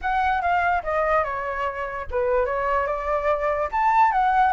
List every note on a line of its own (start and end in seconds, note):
0.01 0.41 F#5
0.41 0.82 F5
0.83 1.24 D#5
1.24 2.06 C#5
2.10 2.45 B4
2.45 2.86 C#5
2.86 3.69 D5
3.71 4.12 A5
4.12 4.52 F#5